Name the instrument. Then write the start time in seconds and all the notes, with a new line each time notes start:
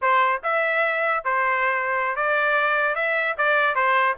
trumpet
0.01 C5
0.43 E5
1.24 C5
2.15 D5
2.95 E5
3.37 D5
3.75 C5